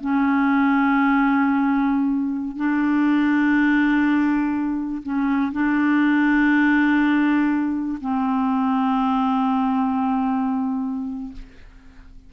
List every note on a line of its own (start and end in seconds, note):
0.00 2.56 C#4
2.56 5.02 D4
5.03 5.52 C#4
5.52 7.98 D4
8.01 11.33 C4